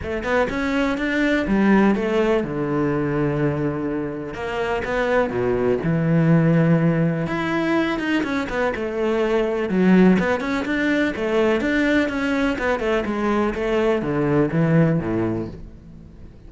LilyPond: \new Staff \with { instrumentName = "cello" } { \time 4/4 \tempo 4 = 124 a8 b8 cis'4 d'4 g4 | a4 d2.~ | d4 ais4 b4 b,4 | e2. e'4~ |
e'8 dis'8 cis'8 b8 a2 | fis4 b8 cis'8 d'4 a4 | d'4 cis'4 b8 a8 gis4 | a4 d4 e4 a,4 | }